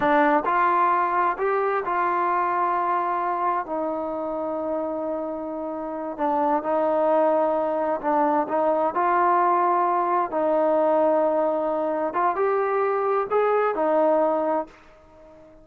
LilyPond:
\new Staff \with { instrumentName = "trombone" } { \time 4/4 \tempo 4 = 131 d'4 f'2 g'4 | f'1 | dis'1~ | dis'4. d'4 dis'4.~ |
dis'4. d'4 dis'4 f'8~ | f'2~ f'8 dis'4.~ | dis'2~ dis'8 f'8 g'4~ | g'4 gis'4 dis'2 | }